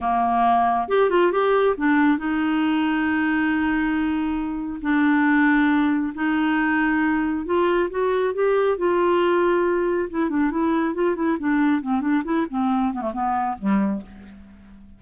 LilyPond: \new Staff \with { instrumentName = "clarinet" } { \time 4/4 \tempo 4 = 137 ais2 g'8 f'8 g'4 | d'4 dis'2.~ | dis'2. d'4~ | d'2 dis'2~ |
dis'4 f'4 fis'4 g'4 | f'2. e'8 d'8 | e'4 f'8 e'8 d'4 c'8 d'8 | e'8 c'4 b16 a16 b4 g4 | }